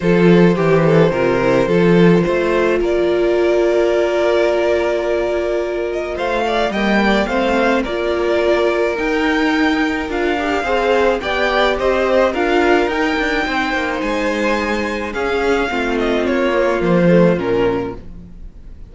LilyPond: <<
  \new Staff \with { instrumentName = "violin" } { \time 4/4 \tempo 4 = 107 c''1~ | c''4 d''2.~ | d''2~ d''8 dis''8 f''4 | g''4 f''4 d''2 |
g''2 f''2 | g''4 dis''4 f''4 g''4~ | g''4 gis''2 f''4~ | f''8 dis''8 cis''4 c''4 ais'4 | }
  \new Staff \with { instrumentName = "violin" } { \time 4/4 a'4 g'8 a'8 ais'4 a'4 | c''4 ais'2.~ | ais'2. c''8 d''8 | dis''8 d''8 c''4 ais'2~ |
ais'2. c''4 | d''4 c''4 ais'2 | c''2. gis'4 | f'1 | }
  \new Staff \with { instrumentName = "viola" } { \time 4/4 f'4 g'4 f'8 e'8 f'4~ | f'1~ | f'1 | ais4 c'4 f'2 |
dis'2 f'8 g'8 gis'4 | g'2 f'4 dis'4~ | dis'2. cis'4 | c'4. ais4 a8 cis'4 | }
  \new Staff \with { instrumentName = "cello" } { \time 4/4 f4 e4 c4 f4 | a4 ais2.~ | ais2. a4 | g4 a4 ais2 |
dis'2 d'4 c'4 | b4 c'4 d'4 dis'8 d'8 | c'8 ais8 gis2 cis'4 | a4 ais4 f4 ais,4 | }
>>